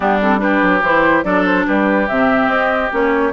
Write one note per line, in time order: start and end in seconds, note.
0.00 0.62 G3
0.00 0.21 B3
0.00 0.39 D4
0.00 0.19 G4
0.21 0.38 C4
0.21 0.40 A4
0.38 0.80 D4
0.38 1.24 G4
0.38 0.81 B4
0.62 0.81 F#3
0.81 1.23 E3
0.81 1.24 E4
0.81 1.24 C5
1.24 1.65 F#3
1.24 2.07 D4
1.24 1.66 A4
1.24 1.44 D5
1.45 1.66 C5
1.66 2.09 G3
1.66 3.32 G4
1.66 2.08 B4
2.08 2.47 C3
2.08 2.91 C4
2.08 2.49 E5
2.47 2.89 C4
2.47 2.90 D#5
2.91 3.32 A#3
2.91 3.32 C#4
2.91 3.32 C#5